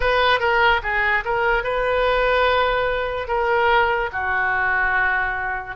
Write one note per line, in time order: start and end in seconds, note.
0.00 0.39 B4
0.39 0.80 A#4
0.82 1.23 G#4
1.24 1.63 A#4
1.63 3.27 B4
3.27 4.09 A#4
4.12 5.75 F#4